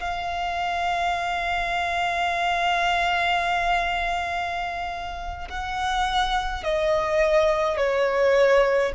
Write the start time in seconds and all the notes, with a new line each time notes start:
0.00 F5
5.50 F#5
6.64 D#5
7.77 C#5